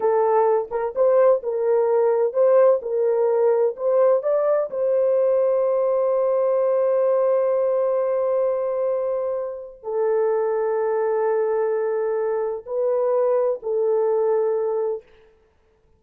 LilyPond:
\new Staff \with { instrumentName = "horn" } { \time 4/4 \tempo 4 = 128 a'4. ais'8 c''4 ais'4~ | ais'4 c''4 ais'2 | c''4 d''4 c''2~ | c''1~ |
c''1~ | c''4 a'2.~ | a'2. b'4~ | b'4 a'2. | }